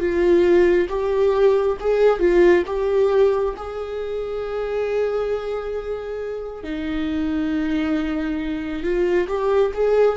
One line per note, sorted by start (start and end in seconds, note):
0.00 0.88 F4
0.89 1.78 G4
1.80 2.20 G#4
2.20 2.64 F4
2.66 3.55 G4
3.57 6.64 G#4
6.64 8.84 D#4
8.84 9.28 F4
9.28 9.72 G4
9.74 10.18 G#4